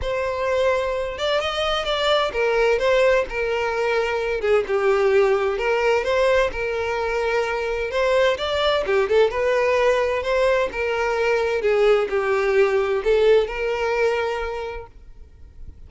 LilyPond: \new Staff \with { instrumentName = "violin" } { \time 4/4 \tempo 4 = 129 c''2~ c''8 d''8 dis''4 | d''4 ais'4 c''4 ais'4~ | ais'4. gis'8 g'2 | ais'4 c''4 ais'2~ |
ais'4 c''4 d''4 g'8 a'8 | b'2 c''4 ais'4~ | ais'4 gis'4 g'2 | a'4 ais'2. | }